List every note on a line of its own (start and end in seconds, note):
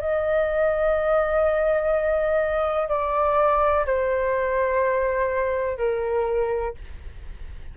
0.00 2.89 D#5
2.89 3.85 D5
3.86 5.78 C5
5.78 6.75 A#4